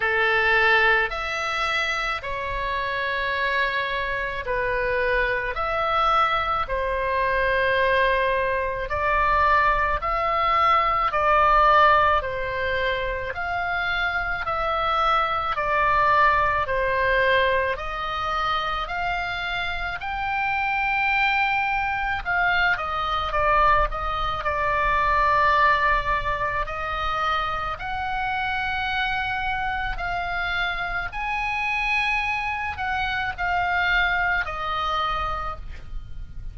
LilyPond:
\new Staff \with { instrumentName = "oboe" } { \time 4/4 \tempo 4 = 54 a'4 e''4 cis''2 | b'4 e''4 c''2 | d''4 e''4 d''4 c''4 | f''4 e''4 d''4 c''4 |
dis''4 f''4 g''2 | f''8 dis''8 d''8 dis''8 d''2 | dis''4 fis''2 f''4 | gis''4. fis''8 f''4 dis''4 | }